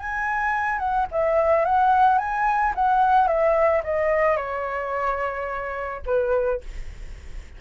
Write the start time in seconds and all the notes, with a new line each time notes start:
0.00 G#5
0.79 F#5
1.12 E5
1.65 F#5
2.19 G#5
2.75 F#5
3.28 E5
3.84 D#5
4.37 C#5
6.06 B4